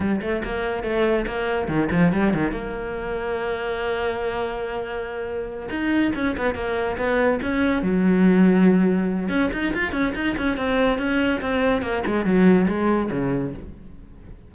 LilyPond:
\new Staff \with { instrumentName = "cello" } { \time 4/4 \tempo 4 = 142 g8 a8 ais4 a4 ais4 | dis8 f8 g8 dis8 ais2~ | ais1~ | ais4. dis'4 cis'8 b8 ais8~ |
ais8 b4 cis'4 fis4.~ | fis2 cis'8 dis'8 f'8 cis'8 | dis'8 cis'8 c'4 cis'4 c'4 | ais8 gis8 fis4 gis4 cis4 | }